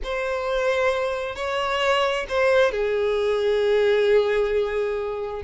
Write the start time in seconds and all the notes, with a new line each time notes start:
0.03 C5
1.35 C#5
2.28 C5
2.71 G#4